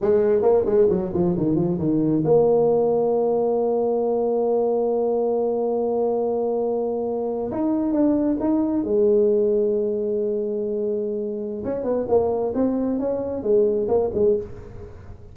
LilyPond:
\new Staff \with { instrumentName = "tuba" } { \time 4/4 \tempo 4 = 134 gis4 ais8 gis8 fis8 f8 dis8 f8 | dis4 ais2.~ | ais1~ | ais1~ |
ais8. dis'4 d'4 dis'4 gis16~ | gis1~ | gis2 cis'8 b8 ais4 | c'4 cis'4 gis4 ais8 gis8 | }